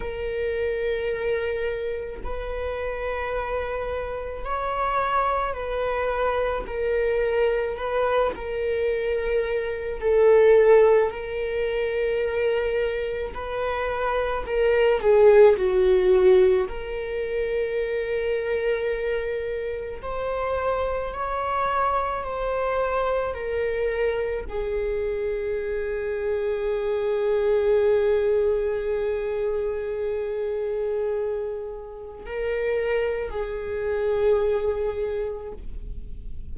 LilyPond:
\new Staff \with { instrumentName = "viola" } { \time 4/4 \tempo 4 = 54 ais'2 b'2 | cis''4 b'4 ais'4 b'8 ais'8~ | ais'4 a'4 ais'2 | b'4 ais'8 gis'8 fis'4 ais'4~ |
ais'2 c''4 cis''4 | c''4 ais'4 gis'2~ | gis'1~ | gis'4 ais'4 gis'2 | }